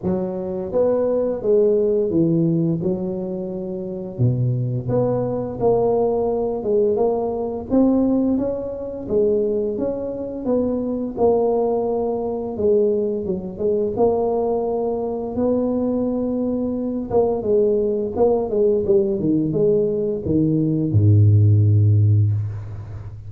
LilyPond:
\new Staff \with { instrumentName = "tuba" } { \time 4/4 \tempo 4 = 86 fis4 b4 gis4 e4 | fis2 b,4 b4 | ais4. gis8 ais4 c'4 | cis'4 gis4 cis'4 b4 |
ais2 gis4 fis8 gis8 | ais2 b2~ | b8 ais8 gis4 ais8 gis8 g8 dis8 | gis4 dis4 gis,2 | }